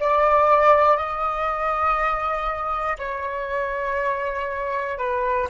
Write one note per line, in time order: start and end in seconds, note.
0.00 0.97 D5
0.97 2.97 D#5
2.99 4.98 C#5
4.98 5.48 B4